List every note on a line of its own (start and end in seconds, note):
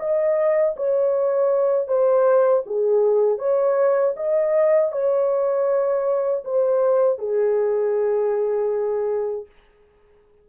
0.00 0.76 D#5
0.77 1.88 C#5
1.88 2.64 C5
2.67 3.39 G#4
3.39 4.15 C#5
4.17 4.92 D#5
4.92 6.44 C#5
6.45 7.19 C5
7.19 9.47 G#4